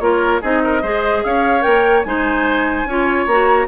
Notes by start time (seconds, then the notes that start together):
0.00 A#3 F4 A#4 C#5
0.42 C4 D#4 G#4 D#5
0.64 A#4
0.82 G#3 G#4 C5
1.25 C#4 C#5 F5
1.61 A#3 A#4 G5
2.04 G#3 D#4 C5 G#5
2.85 C#4 F4 C#5
3.27 A#3 F#4 A#5